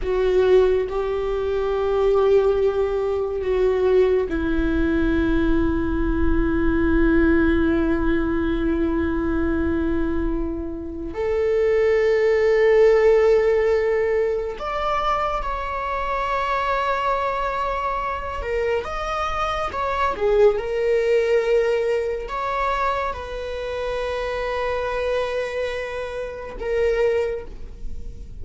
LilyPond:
\new Staff \with { instrumentName = "viola" } { \time 4/4 \tempo 4 = 70 fis'4 g'2. | fis'4 e'2.~ | e'1~ | e'4 a'2.~ |
a'4 d''4 cis''2~ | cis''4. ais'8 dis''4 cis''8 gis'8 | ais'2 cis''4 b'4~ | b'2. ais'4 | }